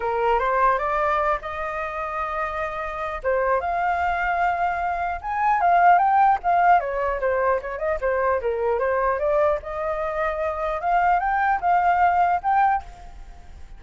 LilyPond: \new Staff \with { instrumentName = "flute" } { \time 4/4 \tempo 4 = 150 ais'4 c''4 d''4. dis''8~ | dis''1 | c''4 f''2.~ | f''4 gis''4 f''4 g''4 |
f''4 cis''4 c''4 cis''8 dis''8 | c''4 ais'4 c''4 d''4 | dis''2. f''4 | g''4 f''2 g''4 | }